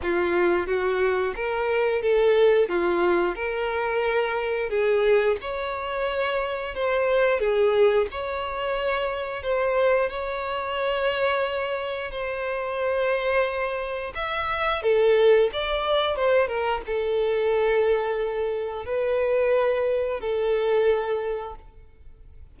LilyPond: \new Staff \with { instrumentName = "violin" } { \time 4/4 \tempo 4 = 89 f'4 fis'4 ais'4 a'4 | f'4 ais'2 gis'4 | cis''2 c''4 gis'4 | cis''2 c''4 cis''4~ |
cis''2 c''2~ | c''4 e''4 a'4 d''4 | c''8 ais'8 a'2. | b'2 a'2 | }